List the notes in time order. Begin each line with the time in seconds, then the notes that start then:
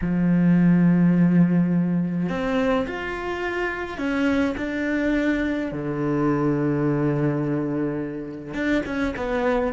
0.01 F3
2.29 C4
2.86 F4
3.98 C#4
4.57 D4
5.71 D3
8.54 D4
8.85 C#4
9.16 B3